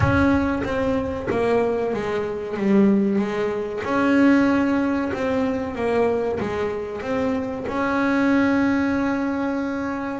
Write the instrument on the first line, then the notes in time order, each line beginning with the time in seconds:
double bass
0.00 C#4
0.63 C4
1.30 A#3
1.93 G#3
2.57 G3
3.18 G#3
3.84 C#4
5.13 C4
5.75 A#3
6.40 G#3
7.01 C4
7.67 C#4